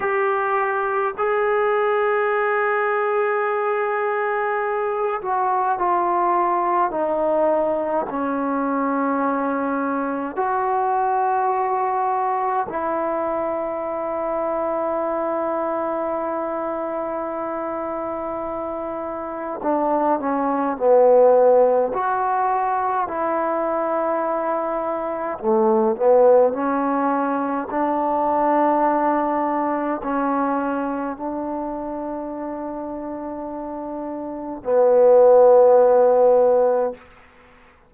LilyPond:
\new Staff \with { instrumentName = "trombone" } { \time 4/4 \tempo 4 = 52 g'4 gis'2.~ | gis'8 fis'8 f'4 dis'4 cis'4~ | cis'4 fis'2 e'4~ | e'1~ |
e'4 d'8 cis'8 b4 fis'4 | e'2 a8 b8 cis'4 | d'2 cis'4 d'4~ | d'2 b2 | }